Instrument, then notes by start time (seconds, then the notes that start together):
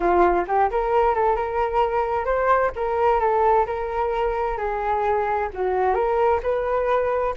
flute
0.00 F4
0.47 G4
0.70 A#4
1.14 A4
1.35 A#4
2.25 C5
2.75 A#4
3.20 A4
3.66 A#4
4.57 G#4
5.53 F#4
5.94 A#4
6.42 B4